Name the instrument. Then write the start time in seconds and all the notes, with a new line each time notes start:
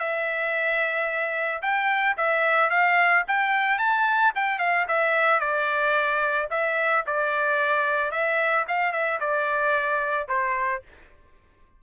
trumpet
0.00 E5
1.62 G5
2.17 E5
2.70 F5
3.28 G5
3.79 A5
4.36 G5
4.59 F5
4.88 E5
5.41 D5
6.51 E5
7.07 D5
8.12 E5
8.69 F5
8.93 E5
9.20 D5
10.29 C5